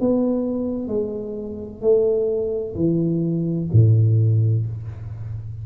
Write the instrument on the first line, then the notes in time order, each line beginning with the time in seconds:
tuba
0.00 B3
0.87 G#3
1.81 A3
2.75 E3
3.72 A2